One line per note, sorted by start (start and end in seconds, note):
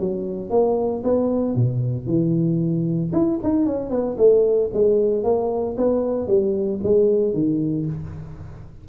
0.00 0.50 F#3
0.50 1.03 A#3
1.04 1.56 B3
1.56 2.06 B2
2.06 3.12 E3
3.13 3.39 E4
3.44 3.66 D#4
3.66 3.90 C#4
3.90 4.17 B3
4.18 4.71 A3
4.73 5.24 G#3
5.24 5.77 A#3
5.78 6.28 B3
6.28 6.80 G3
6.83 7.34 G#3
7.34 7.86 D#3